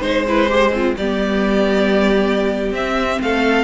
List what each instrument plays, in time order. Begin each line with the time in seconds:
0.00 cello G#3, viola D#4, violin C5
0.27 viola E4, violin B4
0.49 viola G4, violin C5
0.72 violin C4, viola F4
0.97 cello G3, viola B3, violin G4 D5
2.72 cello C4, viola C4, violin E5
3.21 cello A3, violin A4 F5